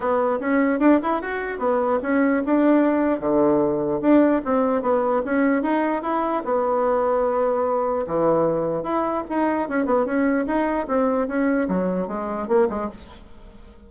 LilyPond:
\new Staff \with { instrumentName = "bassoon" } { \time 4/4 \tempo 4 = 149 b4 cis'4 d'8 e'8 fis'4 | b4 cis'4 d'2 | d2 d'4 c'4 | b4 cis'4 dis'4 e'4 |
b1 | e2 e'4 dis'4 | cis'8 b8 cis'4 dis'4 c'4 | cis'4 fis4 gis4 ais8 gis8 | }